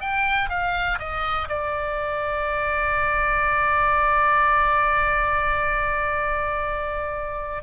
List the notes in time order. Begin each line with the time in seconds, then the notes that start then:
0.00 G5
0.49 F5
0.99 D#5
1.48 D5